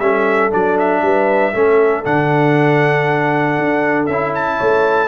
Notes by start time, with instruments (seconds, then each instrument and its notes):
0.00 tuba G3, trombone C#4, horn A4, trumpet E5
0.52 tuba F#3, trombone D4, trumpet D5
0.79 trumpet E5
1.02 tuba G3, horn B4
1.54 tuba A3, trombone C#4, horn A4
2.05 tuba D3, trombone D4, trumpet F#5
3.58 tuba D4
4.07 tuba C#4, trombone E4, trumpet E5
4.35 trumpet A5
4.57 tuba A3, horn C#5